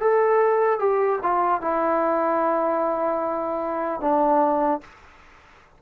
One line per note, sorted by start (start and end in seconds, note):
0.00 0.79 A4
0.79 1.19 G4
1.22 1.61 F4
1.61 4.01 E4
4.01 4.81 D4